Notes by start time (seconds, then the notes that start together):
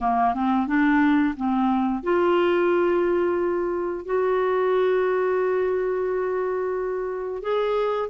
0.00 A#3
0.34 C4
0.67 D4
1.36 C4
2.03 F4
4.05 F#4
7.42 G#4